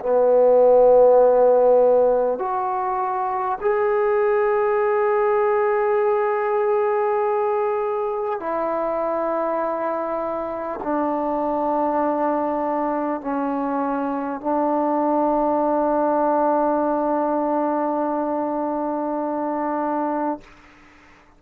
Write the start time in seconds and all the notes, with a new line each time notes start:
0.00 B3
2.39 F#4
3.62 G#4
8.40 E4
10.83 D4
13.21 C#4
14.41 D4